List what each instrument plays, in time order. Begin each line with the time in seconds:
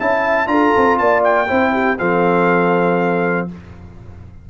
0.00 tuba C#4, trombone E4, horn E5, trumpet A5
0.47 tuba D4, trombone F4, horn A4, trumpet A#5
0.77 tuba C4
0.98 tuba A#3, horn D5, trumpet A5
1.24 trumpet G5
1.48 tuba C4, trombone E4, horn C5
1.73 horn G4
1.99 tuba F3, trombone C4, horn A4, trumpet F5